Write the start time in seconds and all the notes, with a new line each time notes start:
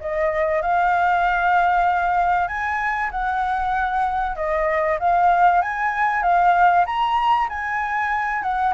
0.00 D#5
0.61 F5
2.47 G#5
3.11 F#5
4.35 D#5
4.99 F5
5.61 G#5
6.22 F5
6.86 A#5
7.49 G#5
8.42 F#5